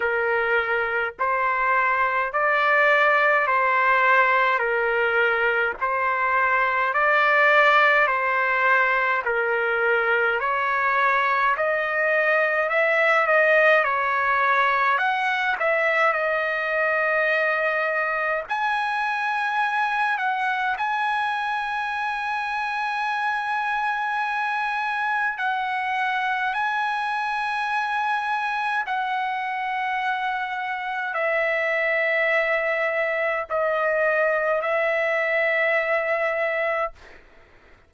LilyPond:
\new Staff \with { instrumentName = "trumpet" } { \time 4/4 \tempo 4 = 52 ais'4 c''4 d''4 c''4 | ais'4 c''4 d''4 c''4 | ais'4 cis''4 dis''4 e''8 dis''8 | cis''4 fis''8 e''8 dis''2 |
gis''4. fis''8 gis''2~ | gis''2 fis''4 gis''4~ | gis''4 fis''2 e''4~ | e''4 dis''4 e''2 | }